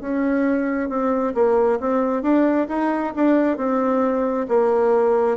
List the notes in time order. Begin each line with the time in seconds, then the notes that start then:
0.00 C#4
0.89 C4
1.34 A#3
1.80 C4
2.22 D4
2.68 D#4
3.15 D4
3.57 C4
4.48 A#3